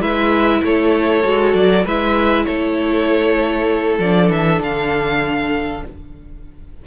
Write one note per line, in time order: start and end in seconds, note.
0.00 0.61 G#3
0.00 1.23 E4
0.00 0.62 B4
0.00 0.62 E5
0.63 1.24 A3
0.63 1.84 A4
0.63 1.54 C#5
1.23 1.54 G#3
1.23 1.85 F#4
1.54 1.85 F#3
1.54 1.85 D5
1.84 2.46 G#3
1.84 4.02 E4
1.84 2.45 B4
1.84 2.44 E5
2.44 3.99 A3
2.44 5.83 A4
2.44 3.97 C#5
3.99 4.29 F3
3.99 5.86 D4
3.99 4.30 D5
4.29 4.59 E3
4.29 4.62 E5
4.59 5.82 D3
4.59 5.85 F5